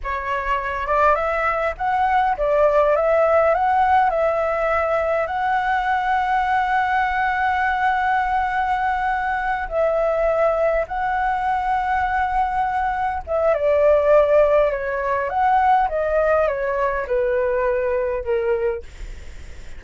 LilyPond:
\new Staff \with { instrumentName = "flute" } { \time 4/4 \tempo 4 = 102 cis''4. d''8 e''4 fis''4 | d''4 e''4 fis''4 e''4~ | e''4 fis''2.~ | fis''1~ |
fis''8 e''2 fis''4.~ | fis''2~ fis''8 e''8 d''4~ | d''4 cis''4 fis''4 dis''4 | cis''4 b'2 ais'4 | }